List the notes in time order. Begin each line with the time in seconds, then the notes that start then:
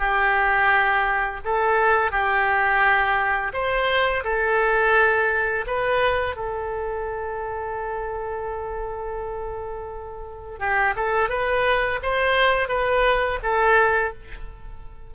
0.00 G4
1.45 A4
2.12 G4
3.54 C5
4.24 A4
5.67 B4
6.37 A4
10.59 G4
10.96 A4
11.29 B4
12.03 C5
12.69 B4
13.43 A4